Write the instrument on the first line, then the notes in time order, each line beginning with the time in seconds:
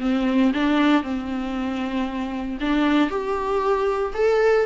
viola
0.00 C4
0.53 D4
1.03 C4
2.60 D4
3.10 G4
4.14 A4